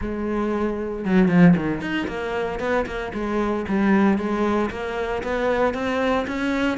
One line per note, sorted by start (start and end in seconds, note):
0.01 1.04 G#3
1.04 1.28 F#3
1.28 1.54 F3
1.56 1.81 D#3
1.81 2.07 D#4
2.07 2.59 A#3
2.59 2.85 B3
2.86 3.12 A#3
3.13 3.65 G#3
3.68 4.18 G3
4.18 4.70 G#3
4.70 5.22 A#3
5.23 5.73 B3
5.73 6.26 C4
6.27 6.77 C#4